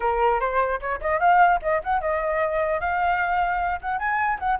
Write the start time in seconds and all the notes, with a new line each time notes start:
0.00 A#4
0.40 C5
0.80 C#5
1.01 D#5
1.19 F5
1.62 D#5
1.83 F#5
2.00 D#5
2.80 F5
3.81 F#5
3.98 G#5
4.39 F#5